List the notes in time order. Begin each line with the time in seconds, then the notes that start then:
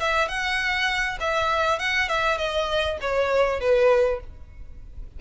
0.00 E5
0.29 F#5
1.21 E5
1.79 F#5
2.09 E5
2.38 D#5
3.01 C#5
3.61 B4